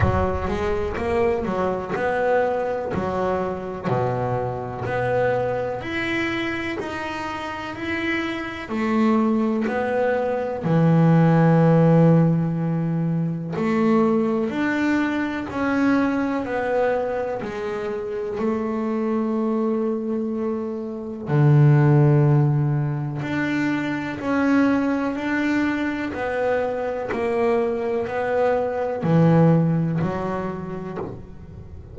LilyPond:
\new Staff \with { instrumentName = "double bass" } { \time 4/4 \tempo 4 = 62 fis8 gis8 ais8 fis8 b4 fis4 | b,4 b4 e'4 dis'4 | e'4 a4 b4 e4~ | e2 a4 d'4 |
cis'4 b4 gis4 a4~ | a2 d2 | d'4 cis'4 d'4 b4 | ais4 b4 e4 fis4 | }